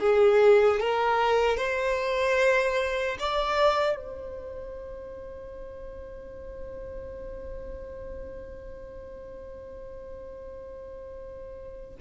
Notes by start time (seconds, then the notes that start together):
0.00 G#4
0.80 A#4
1.57 C5
3.19 D5
3.96 C5